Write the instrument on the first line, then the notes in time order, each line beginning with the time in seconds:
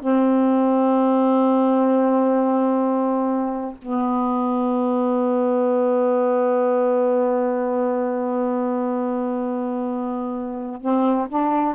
saxophone
0.00 C4
3.81 B3
10.81 C4
11.29 D4